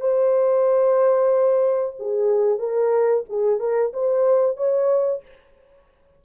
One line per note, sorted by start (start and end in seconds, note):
0.00 1.96 C5
1.99 2.58 G#4
2.58 3.23 A#4
3.29 3.59 G#4
3.59 3.92 A#4
3.93 4.57 C5
4.57 5.22 C#5